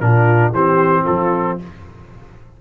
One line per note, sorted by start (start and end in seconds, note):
0.00 0.52 A#2
0.00 0.53 D4
0.00 0.54 F4
0.00 0.52 A#4
0.52 1.04 E3
0.52 1.60 C4
0.52 1.03 G4
0.52 1.06 C5
1.03 1.61 F3
1.03 1.55 F4
1.03 1.58 A4